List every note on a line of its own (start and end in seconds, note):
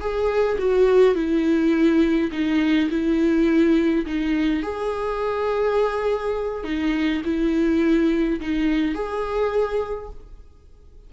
0.00 0.58 G#4
0.58 1.15 F#4
1.15 2.30 E4
2.32 2.90 D#4
2.90 4.05 E4
4.06 4.62 D#4
4.62 6.64 G#4
6.64 7.21 D#4
7.24 8.40 E4
8.40 8.94 D#4
8.94 10.10 G#4